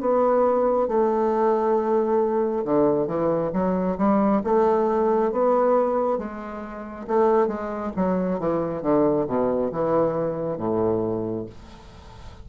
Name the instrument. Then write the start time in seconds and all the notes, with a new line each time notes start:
bassoon
0.00 B3
0.88 A3
2.64 D3
3.06 E3
3.53 F#3
3.97 G3
4.44 A3
5.31 B3
6.18 G#3
7.07 A3
7.47 G#3
7.96 F#3
8.39 E3
8.82 D3
9.27 B2
9.72 E3
10.57 A2